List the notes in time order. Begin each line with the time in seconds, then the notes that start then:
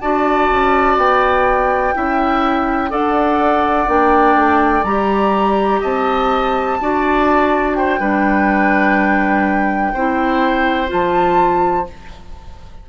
0.00 D4 F#4 D5 A5
0.50 C#4
0.97 B3 G5
1.94 C#4 E4 E5
2.89 D4 A4 D5 F#5
3.87 A#3 D4 G5
4.35 A3
4.83 G3 G4 A#5
5.80 C4 D#5 A5
6.80 D4 F#4 D5
7.75 C5 G5
7.99 G3 D4 B4
9.93 C4 E4 C5
10.87 F3 F4 A5